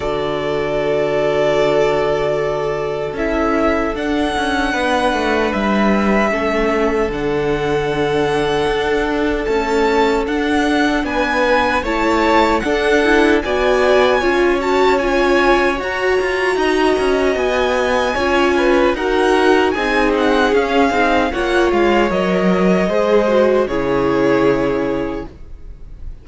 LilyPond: <<
  \new Staff \with { instrumentName = "violin" } { \time 4/4 \tempo 4 = 76 d''1 | e''4 fis''2 e''4~ | e''4 fis''2. | a''4 fis''4 gis''4 a''4 |
fis''4 gis''4. a''8 gis''4 | ais''2 gis''2 | fis''4 gis''8 fis''8 f''4 fis''8 f''8 | dis''2 cis''2 | }
  \new Staff \with { instrumentName = "violin" } { \time 4/4 a'1~ | a'2 b'2 | a'1~ | a'2 b'4 cis''4 |
a'4 d''4 cis''2~ | cis''4 dis''2 cis''8 b'8 | ais'4 gis'2 cis''4~ | cis''4 c''4 gis'2 | }
  \new Staff \with { instrumentName = "viola" } { \time 4/4 fis'1 | e'4 d'2. | cis'4 d'2. | a4 d'2 e'4 |
d'8 e'8 fis'4 f'8 fis'8 f'4 | fis'2. f'4 | fis'4 dis'4 cis'8 dis'8 f'4 | ais'4 gis'8 fis'8 e'2 | }
  \new Staff \with { instrumentName = "cello" } { \time 4/4 d1 | cis'4 d'8 cis'8 b8 a8 g4 | a4 d2 d'4 | cis'4 d'4 b4 a4 |
d'4 b4 cis'2 | fis'8 f'8 dis'8 cis'8 b4 cis'4 | dis'4 c'4 cis'8 c'8 ais8 gis8 | fis4 gis4 cis2 | }
>>